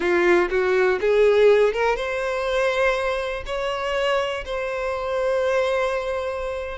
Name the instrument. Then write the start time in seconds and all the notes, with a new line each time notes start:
violin
0.00 F4
0.50 F#4
1.00 G#4
1.73 A#4
1.96 C5
3.46 C#5
4.45 C5